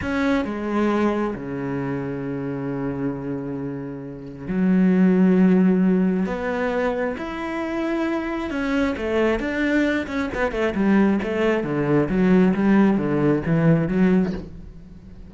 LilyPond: \new Staff \with { instrumentName = "cello" } { \time 4/4 \tempo 4 = 134 cis'4 gis2 cis4~ | cis1~ | cis2 fis2~ | fis2 b2 |
e'2. cis'4 | a4 d'4. cis'8 b8 a8 | g4 a4 d4 fis4 | g4 d4 e4 fis4 | }